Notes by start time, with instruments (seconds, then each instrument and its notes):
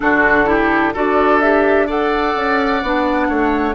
0.00 bassoon D3, clarinet D4, oboe F#4, flute A4
0.46 clarinet E4, oboe G4
0.93 bassoon D4, clarinet F#4, oboe A4, flute D5
1.40 clarinet G4, flute E5
1.86 clarinet A4, oboe D5, flute F#5
2.35 bassoon C#4
2.82 bassoon B3, clarinet D4
3.29 bassoon A3, oboe C#5